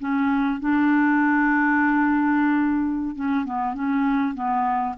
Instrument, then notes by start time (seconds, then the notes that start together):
clarinet
0.00 C#4
0.60 D4
3.16 C#4
3.45 B3
3.74 C#4
4.35 B3